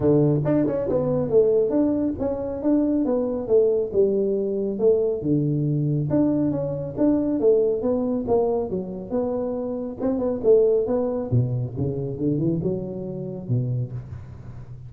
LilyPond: \new Staff \with { instrumentName = "tuba" } { \time 4/4 \tempo 4 = 138 d4 d'8 cis'8 b4 a4 | d'4 cis'4 d'4 b4 | a4 g2 a4 | d2 d'4 cis'4 |
d'4 a4 b4 ais4 | fis4 b2 c'8 b8 | a4 b4 b,4 cis4 | d8 e8 fis2 b,4 | }